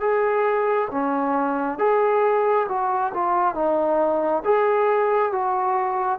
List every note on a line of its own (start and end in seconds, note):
0.00 0.88 G#4
0.91 1.78 C#4
1.78 2.67 G#4
2.69 3.13 F#4
3.14 3.55 F4
3.55 4.43 D#4
4.44 5.32 G#4
5.32 6.19 F#4